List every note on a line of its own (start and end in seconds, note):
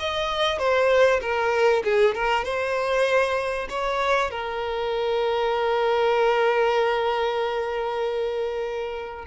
0.00 0.59 D#5
0.59 1.21 C5
1.22 1.84 A#4
1.84 2.15 G#4
2.15 2.45 A#4
2.45 3.68 C5
3.70 4.31 C#5
4.31 9.26 A#4